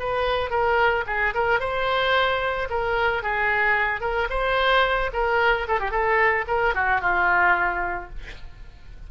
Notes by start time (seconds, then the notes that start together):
0.00 B4
0.51 A#4
1.07 G#4
1.35 A#4
1.60 C5
2.71 A#4
3.23 G#4
4.01 A#4
4.30 C5
5.14 A#4
5.68 A4
5.80 G4
5.91 A4
6.48 A#4
6.75 F#4
7.01 F4